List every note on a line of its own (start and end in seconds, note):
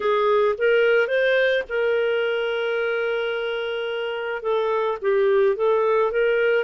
0.00 0.55 G#4
0.57 1.07 A#4
1.07 1.63 C5
1.68 4.42 A#4
4.42 4.97 A4
5.01 5.56 G4
5.56 6.11 A4
6.11 6.64 A#4